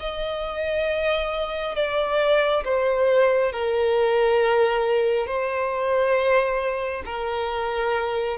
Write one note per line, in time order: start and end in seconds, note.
0.00 1.76 D#5
1.76 2.64 D5
2.65 3.53 C5
3.53 5.27 A#4
5.27 7.03 C5
7.05 8.38 A#4